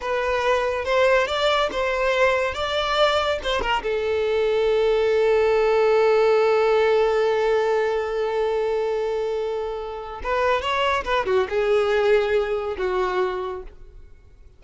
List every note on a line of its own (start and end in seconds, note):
0.01 0.85 B4
0.85 1.27 C5
1.27 1.69 D5
1.71 2.54 C5
2.54 3.39 D5
3.43 3.61 C5
3.61 3.82 A#4
3.82 10.21 A4
10.23 10.61 B4
10.61 11.04 C#5
11.04 11.26 B4
11.26 11.47 F#4
11.49 12.77 G#4
12.77 13.62 F#4